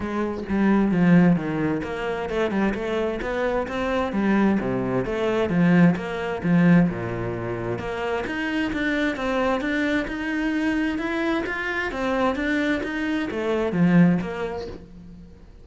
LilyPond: \new Staff \with { instrumentName = "cello" } { \time 4/4 \tempo 4 = 131 gis4 g4 f4 dis4 | ais4 a8 g8 a4 b4 | c'4 g4 c4 a4 | f4 ais4 f4 ais,4~ |
ais,4 ais4 dis'4 d'4 | c'4 d'4 dis'2 | e'4 f'4 c'4 d'4 | dis'4 a4 f4 ais4 | }